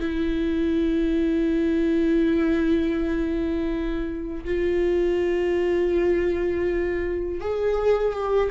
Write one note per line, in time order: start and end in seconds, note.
0.00 4.44 E4
4.45 7.40 F4
7.40 8.13 G#4
8.13 8.50 G4